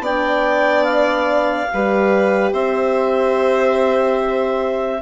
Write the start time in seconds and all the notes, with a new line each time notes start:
0.00 B3 D4 D5 G5
0.84 F5
1.74 G3 G4 B4
2.52 C4 C5 E5